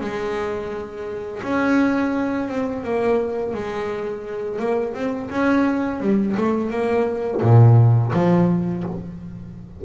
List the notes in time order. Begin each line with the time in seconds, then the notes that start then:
0.00 G#3
1.42 C#4
2.48 C4
2.83 A#3
3.54 G#3
4.59 A#3
4.94 C4
5.30 C#4
6.00 G3
6.36 A3
6.70 A#3
7.41 A#2
8.13 F3